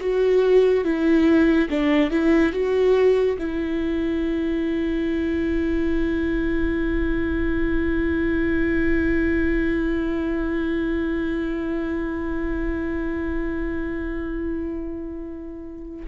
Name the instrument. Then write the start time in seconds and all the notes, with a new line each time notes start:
viola
0.00 F#4
0.84 E4
1.69 D4
2.10 E4
2.52 F#4
3.38 E4